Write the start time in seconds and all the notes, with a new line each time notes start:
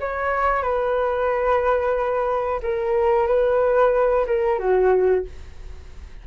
0.00 C#5
0.63 B4
2.63 A#4
3.27 B4
4.27 A#4
4.59 F#4